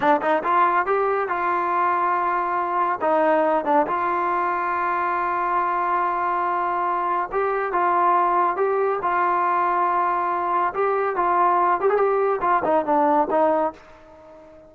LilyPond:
\new Staff \with { instrumentName = "trombone" } { \time 4/4 \tempo 4 = 140 d'8 dis'8 f'4 g'4 f'4~ | f'2. dis'4~ | dis'8 d'8 f'2.~ | f'1~ |
f'4 g'4 f'2 | g'4 f'2.~ | f'4 g'4 f'4. g'16 gis'16 | g'4 f'8 dis'8 d'4 dis'4 | }